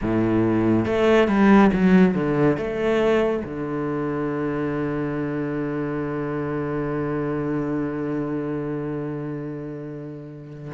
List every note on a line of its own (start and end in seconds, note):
0.01 0.85 A2
0.85 1.27 A3
1.27 1.70 G3
1.73 2.14 F#3
2.14 2.57 D3
2.57 3.43 A3
3.44 10.72 D3